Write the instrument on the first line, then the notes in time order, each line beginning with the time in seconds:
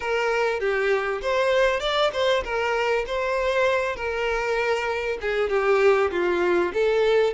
violin
0.00 A#4
0.60 G4
1.21 C5
1.80 D5
2.13 C5
2.44 A#4
3.06 C5
3.96 A#4
5.21 G#4
5.49 G4
6.11 F4
6.73 A4